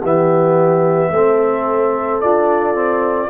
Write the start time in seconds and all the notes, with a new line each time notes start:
0.00 E3 B3 G4 E5
1.10 A3 C4 A4
2.20 D4 F4 D5
2.74 C4